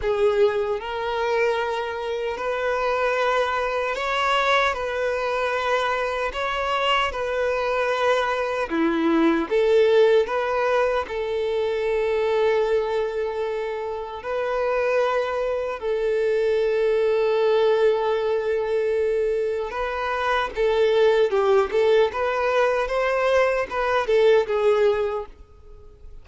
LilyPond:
\new Staff \with { instrumentName = "violin" } { \time 4/4 \tempo 4 = 76 gis'4 ais'2 b'4~ | b'4 cis''4 b'2 | cis''4 b'2 e'4 | a'4 b'4 a'2~ |
a'2 b'2 | a'1~ | a'4 b'4 a'4 g'8 a'8 | b'4 c''4 b'8 a'8 gis'4 | }